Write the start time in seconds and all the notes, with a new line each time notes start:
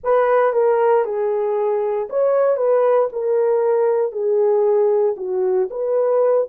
0.03 B4
0.53 A#4
1.04 G#4
2.09 C#5
2.56 B4
3.12 A#4
4.11 G#4
5.17 F#4
5.70 B4